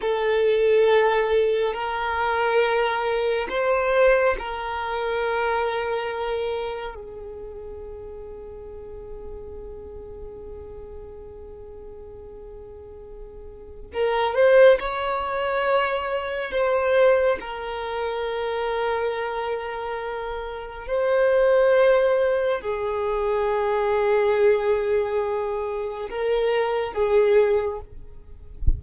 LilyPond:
\new Staff \with { instrumentName = "violin" } { \time 4/4 \tempo 4 = 69 a'2 ais'2 | c''4 ais'2. | gis'1~ | gis'1 |
ais'8 c''8 cis''2 c''4 | ais'1 | c''2 gis'2~ | gis'2 ais'4 gis'4 | }